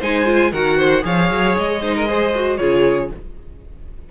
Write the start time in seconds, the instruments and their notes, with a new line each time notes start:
0.00 cello G#3, viola D#4, violin C5 G#5
0.26 viola F4
0.52 cello D#3, viola F#4, violin A#4 F#5
0.78 violin C5
1.02 cello F3, viola G#4, violin C#5 F5
1.31 cello F#3
1.58 cello G#3, violin D#5
1.82 viola D#4, violin C5
1.96 violin A#4
2.08 viola G#4, violin C5
2.35 viola F#4
2.58 cello C#3, viola F4, violin G#4 C#5